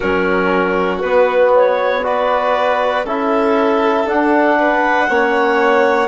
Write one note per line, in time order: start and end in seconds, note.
0.00 1.02 F#3
0.00 1.03 C#4
0.00 2.02 F#4
0.00 0.99 A#4
0.99 3.05 B3
0.99 2.03 B3
0.99 1.50 B4
1.55 2.04 C#5
2.03 3.04 F#4
2.03 3.05 B4
2.03 3.06 D5
3.05 4.06 C#4
3.05 4.05 E4
3.05 4.58 A4
3.05 4.08 E5
4.05 5.07 D4
4.05 5.09 D4
4.05 6.07 F#5
4.59 5.09 B4
5.09 6.07 A#3
5.09 6.07 C#4
5.09 6.07 C#5